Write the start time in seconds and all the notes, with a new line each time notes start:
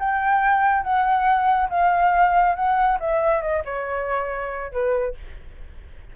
0.00 G5
0.84 F#5
1.70 F5
2.56 F#5
3.00 E5
3.42 D#5
3.65 C#5
4.72 B4